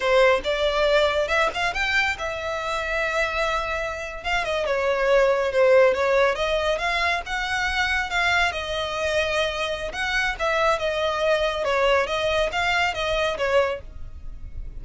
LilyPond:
\new Staff \with { instrumentName = "violin" } { \time 4/4 \tempo 4 = 139 c''4 d''2 e''8 f''8 | g''4 e''2.~ | e''4.~ e''16 f''8 dis''8 cis''4~ cis''16~ | cis''8. c''4 cis''4 dis''4 f''16~ |
f''8. fis''2 f''4 dis''16~ | dis''2. fis''4 | e''4 dis''2 cis''4 | dis''4 f''4 dis''4 cis''4 | }